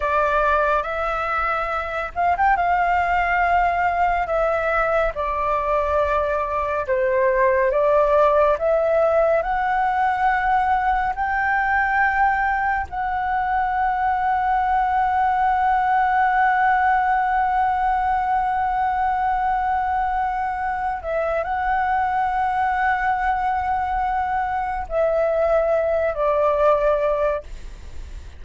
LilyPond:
\new Staff \with { instrumentName = "flute" } { \time 4/4 \tempo 4 = 70 d''4 e''4. f''16 g''16 f''4~ | f''4 e''4 d''2 | c''4 d''4 e''4 fis''4~ | fis''4 g''2 fis''4~ |
fis''1~ | fis''1~ | fis''8 e''8 fis''2.~ | fis''4 e''4. d''4. | }